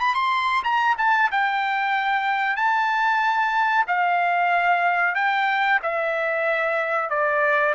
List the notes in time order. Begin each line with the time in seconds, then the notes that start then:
0.00 B5
0.15 C6
0.64 A#5
0.98 A5
1.31 G5
2.56 A5
3.87 F5
5.15 G5
5.83 E5
7.10 D5